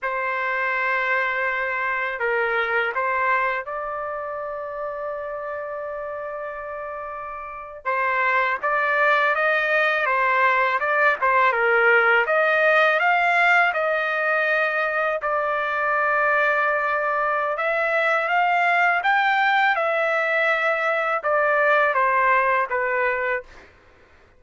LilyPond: \new Staff \with { instrumentName = "trumpet" } { \time 4/4 \tempo 4 = 82 c''2. ais'4 | c''4 d''2.~ | d''2~ d''8. c''4 d''16~ | d''8. dis''4 c''4 d''8 c''8 ais'16~ |
ais'8. dis''4 f''4 dis''4~ dis''16~ | dis''8. d''2.~ d''16 | e''4 f''4 g''4 e''4~ | e''4 d''4 c''4 b'4 | }